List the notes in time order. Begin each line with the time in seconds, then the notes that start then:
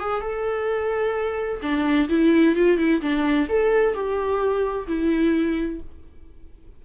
0.00 G#4
0.21 A4
1.62 D4
2.09 E4
2.55 F4
2.78 E4
3.01 D4
3.49 A4
3.94 G4
4.88 E4